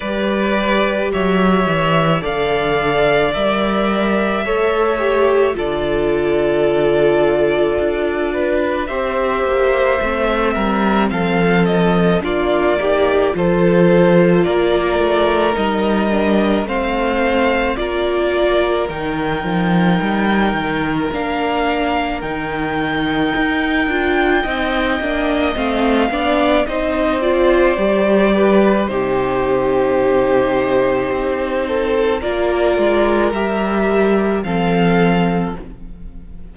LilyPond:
<<
  \new Staff \with { instrumentName = "violin" } { \time 4/4 \tempo 4 = 54 d''4 e''4 f''4 e''4~ | e''4 d''2. | e''2 f''8 dis''8 d''4 | c''4 d''4 dis''4 f''4 |
d''4 g''2 f''4 | g''2. f''4 | dis''8 d''4. c''2~ | c''4 d''4 e''4 f''4 | }
  \new Staff \with { instrumentName = "violin" } { \time 4/4 b'4 cis''4 d''2 | cis''4 a'2~ a'8 b'8 | c''4. ais'8 a'4 f'8 g'8 | a'4 ais'2 c''4 |
ais'1~ | ais'2 dis''4. d''8 | c''4. b'8 g'2~ | g'8 a'8 ais'2 a'4 | }
  \new Staff \with { instrumentName = "viola" } { \time 4/4 g'2 a'4 ais'4 | a'8 g'8 f'2. | g'4 c'2 d'8 dis'8 | f'2 dis'8 d'8 c'4 |
f'4 dis'2 d'4 | dis'4. f'8 dis'8 d'8 c'8 d'8 | dis'8 f'8 g'4 dis'2~ | dis'4 f'4 g'4 c'4 | }
  \new Staff \with { instrumentName = "cello" } { \time 4/4 g4 fis8 e8 d4 g4 | a4 d2 d'4 | c'8 ais8 a8 g8 f4 ais4 | f4 ais8 a8 g4 a4 |
ais4 dis8 f8 g8 dis8 ais4 | dis4 dis'8 d'8 c'8 ais8 a8 b8 | c'4 g4 c2 | c'4 ais8 gis8 g4 f4 | }
>>